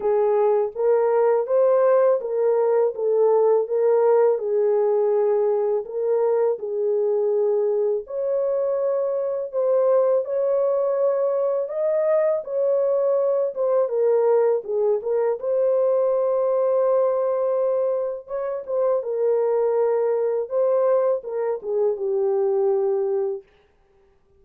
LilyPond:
\new Staff \with { instrumentName = "horn" } { \time 4/4 \tempo 4 = 82 gis'4 ais'4 c''4 ais'4 | a'4 ais'4 gis'2 | ais'4 gis'2 cis''4~ | cis''4 c''4 cis''2 |
dis''4 cis''4. c''8 ais'4 | gis'8 ais'8 c''2.~ | c''4 cis''8 c''8 ais'2 | c''4 ais'8 gis'8 g'2 | }